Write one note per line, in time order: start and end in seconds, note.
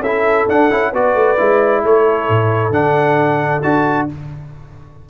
0.00 0.45 C#4
0.00 0.49 E4
0.00 0.92 A4
0.00 0.48 E5
0.48 0.71 D4
0.48 0.70 D4
0.48 0.94 F#5
0.70 0.93 C#4
0.70 0.93 E4
0.92 1.15 B3
0.92 1.38 F#4
0.92 1.83 B4
0.92 1.85 D5
1.15 1.37 A3
1.38 1.84 G#3
1.38 2.72 E4
1.84 2.29 A3
1.84 4.10 A4
1.84 2.73 C#5
2.29 2.70 A2
2.70 3.60 D3
2.70 3.62 D4
2.70 3.62 F#5
3.62 4.09 D4
3.62 4.09 F#4
3.62 4.07 A5